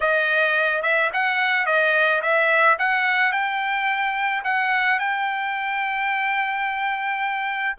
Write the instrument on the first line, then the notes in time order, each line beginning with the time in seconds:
trumpet
0.00 D#5
0.82 E5
1.13 F#5
1.66 D#5
2.22 E5
2.79 F#5
3.32 G5
4.43 F#5
4.99 G5